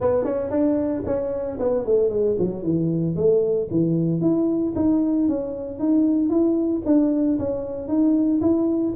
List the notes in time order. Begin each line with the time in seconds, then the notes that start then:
0.00 B3
0.24 C#4
0.50 D4
1.06 C#4
1.59 B3
1.85 A3
2.09 G#3
2.39 F#3
2.62 E3
3.15 A3
3.70 E3
4.21 E4
4.75 D#4
5.28 C#4
5.79 D#4
6.29 E4
6.85 D4
7.39 C#4
7.88 D#4
8.41 E4